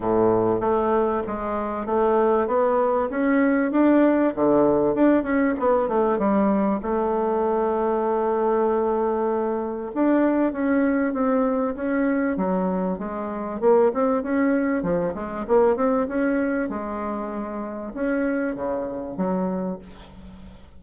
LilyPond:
\new Staff \with { instrumentName = "bassoon" } { \time 4/4 \tempo 4 = 97 a,4 a4 gis4 a4 | b4 cis'4 d'4 d4 | d'8 cis'8 b8 a8 g4 a4~ | a1 |
d'4 cis'4 c'4 cis'4 | fis4 gis4 ais8 c'8 cis'4 | f8 gis8 ais8 c'8 cis'4 gis4~ | gis4 cis'4 cis4 fis4 | }